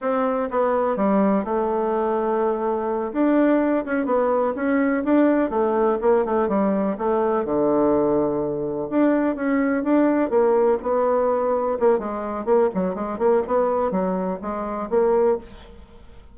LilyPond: \new Staff \with { instrumentName = "bassoon" } { \time 4/4 \tempo 4 = 125 c'4 b4 g4 a4~ | a2~ a8 d'4. | cis'8 b4 cis'4 d'4 a8~ | a8 ais8 a8 g4 a4 d8~ |
d2~ d8 d'4 cis'8~ | cis'8 d'4 ais4 b4.~ | b8 ais8 gis4 ais8 fis8 gis8 ais8 | b4 fis4 gis4 ais4 | }